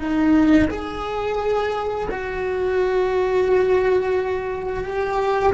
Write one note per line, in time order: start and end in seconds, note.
0.00 0.69 D#4
0.71 2.08 G#4
2.11 4.84 F#4
4.84 5.53 G4